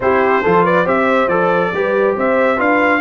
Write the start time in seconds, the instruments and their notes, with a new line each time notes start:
0.00 tuba C4, trombone E4, horn G4, trumpet C5
0.42 tuba F3, trombone F4, horn A4
0.63 horn B4, trumpet D5
0.84 tuba C4, trombone G4, horn C5, trumpet E5
1.27 tuba F3, trombone A4, trumpet D5
1.73 tuba G3, trombone G4, horn B4
2.16 tuba C4, horn C5, trumpet E5
2.56 tuba D4, trombone F4, horn B4, trumpet F5